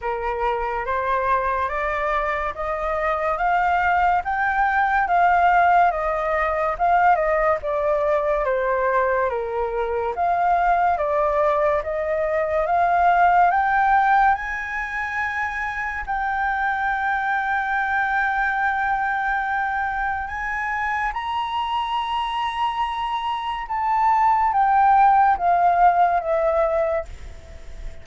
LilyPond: \new Staff \with { instrumentName = "flute" } { \time 4/4 \tempo 4 = 71 ais'4 c''4 d''4 dis''4 | f''4 g''4 f''4 dis''4 | f''8 dis''8 d''4 c''4 ais'4 | f''4 d''4 dis''4 f''4 |
g''4 gis''2 g''4~ | g''1 | gis''4 ais''2. | a''4 g''4 f''4 e''4 | }